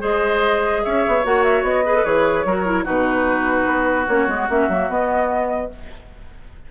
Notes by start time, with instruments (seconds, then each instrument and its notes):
0.00 bassoon G#3, clarinet G#4, oboe C5, flute D#5
0.84 bassoon C#4, oboe C#5, flute E5
1.07 bassoon B3
1.23 bassoon A#3, clarinet F#4, flute F#5
1.43 flute E5
1.62 bassoon B3, flute D#5
1.85 clarinet G#4, oboe B4
1.95 clarinet A4
2.04 bassoon E3, clarinet G#4, flute C#5
2.44 bassoon F#3, clarinet F#4, oboe A#4
2.65 clarinet E4
2.84 bassoon B2, clarinet D#4, oboe F#4, flute B4
3.66 bassoon B3
4.07 bassoon A#3, clarinet C#4, flute C#5
4.27 bassoon G#3, clarinet B3
4.49 bassoon A#3, clarinet C#4, flute E5
4.68 bassoon F#3, clarinet A#3
4.88 clarinet B3, bassoon B3, flute D#5